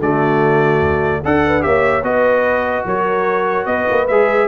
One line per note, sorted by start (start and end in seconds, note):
0.00 0.81 D3
0.00 1.24 A3
0.00 1.22 F#4
0.00 1.24 D5
0.81 1.22 D2
1.22 1.65 D4
1.22 1.43 A4
1.22 1.61 A4
1.22 1.63 F#5
1.47 1.65 B4
1.61 2.03 A#3
1.61 2.02 G4
1.61 2.06 C#5
1.61 2.03 E5
2.03 2.85 B3
2.03 4.08 F#4
2.03 2.86 B4
2.03 2.86 D#5
2.85 3.66 F#3
2.85 3.67 A#4
2.85 3.66 C#5
3.66 3.87 B3
3.66 4.48 B4
3.66 4.07 D#5
3.90 4.10 A#3
4.08 4.48 G#3
4.08 4.48 G#4
4.08 4.48 E5